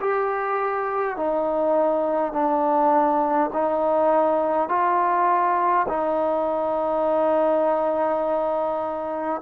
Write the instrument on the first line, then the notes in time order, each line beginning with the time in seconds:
trombone
0.00 G4
1.16 D#4
2.33 D4
3.53 D#4
4.68 F4
5.88 D#4